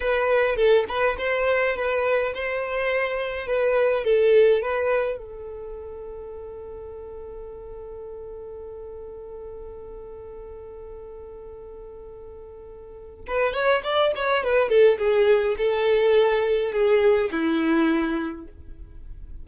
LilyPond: \new Staff \with { instrumentName = "violin" } { \time 4/4 \tempo 4 = 104 b'4 a'8 b'8 c''4 b'4 | c''2 b'4 a'4 | b'4 a'2.~ | a'1~ |
a'1~ | a'2. b'8 cis''8 | d''8 cis''8 b'8 a'8 gis'4 a'4~ | a'4 gis'4 e'2 | }